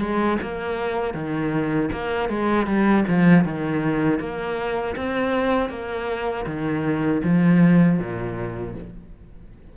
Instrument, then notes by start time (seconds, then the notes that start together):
cello
0.00 G#3
0.42 A#3
1.14 D#3
1.92 A#3
2.29 G#3
2.67 G3
3.08 F3
3.45 D#3
4.20 A#3
4.96 C4
5.70 A#3
6.46 D#3
7.24 F3
7.99 A#2